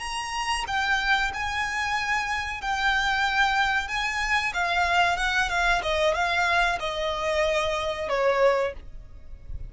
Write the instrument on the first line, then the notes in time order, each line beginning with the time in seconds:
violin
0.00 A#5
0.67 G5
1.34 G#5
2.62 G5
3.88 G#5
4.54 F5
5.17 F#5
5.49 F5
5.83 D#5
6.14 F5
6.80 D#5
8.09 C#5